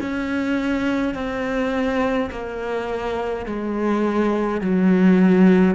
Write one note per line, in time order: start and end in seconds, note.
0.00 1.14 C#4
1.14 2.30 C4
2.30 3.46 A#3
3.46 4.61 G#3
4.61 5.75 F#3